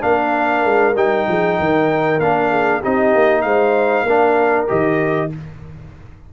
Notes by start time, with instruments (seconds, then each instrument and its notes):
0.00 tuba A#3, trombone D4, horn A#4, trumpet F5
0.64 tuba G#3
0.95 tuba G3, trombone D#4, trumpet G5
1.28 tuba F3, horn G#4
1.58 tuba D#3, horn A#4
2.19 tuba A#3, trombone D4, trumpet F5
2.50 horn G#4
2.79 tuba C4, trombone D#4, horn G4, trumpet D#5
3.15 tuba A#3
3.41 tuba G#3, horn C5, trumpet F5
4.02 tuba A#3, horn A#4
4.09 trombone D4
4.68 tuba D#3, trombone G4, trumpet D#5